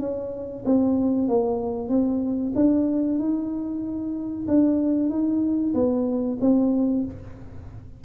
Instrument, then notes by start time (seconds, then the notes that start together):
tuba
0.00 C#4
0.66 C4
1.28 A#3
1.89 C4
2.56 D4
3.19 D#4
4.48 D4
5.10 D#4
5.74 B3
6.41 C4